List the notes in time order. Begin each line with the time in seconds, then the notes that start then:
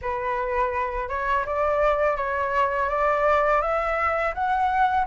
0.01 B4
1.08 C#5
1.45 D5
2.17 C#5
2.89 D5
3.61 E5
4.34 F#5